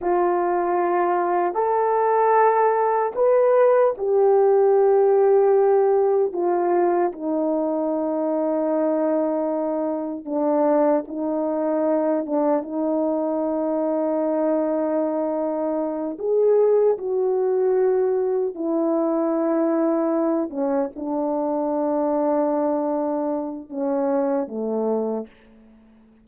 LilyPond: \new Staff \with { instrumentName = "horn" } { \time 4/4 \tempo 4 = 76 f'2 a'2 | b'4 g'2. | f'4 dis'2.~ | dis'4 d'4 dis'4. d'8 |
dis'1~ | dis'8 gis'4 fis'2 e'8~ | e'2 cis'8 d'4.~ | d'2 cis'4 a4 | }